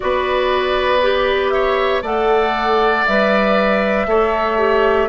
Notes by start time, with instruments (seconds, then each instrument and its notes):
0.00 bassoon B3, clarinet F#4, oboe B4, flute D5
1.02 clarinet G4
1.50 oboe C#5, flute E5
2.02 bassoon A3, clarinet A4, oboe D5, flute F#5
3.06 bassoon G3, clarinet B4, flute E5
4.06 bassoon A3, clarinet A4, oboe C#5
4.57 clarinet G4